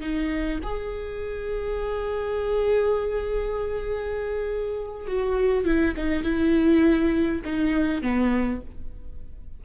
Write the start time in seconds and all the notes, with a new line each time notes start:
0.00 D#4
0.63 G#4
5.07 F#4
5.65 E4
5.96 D#4
6.23 E4
7.44 D#4
8.02 B3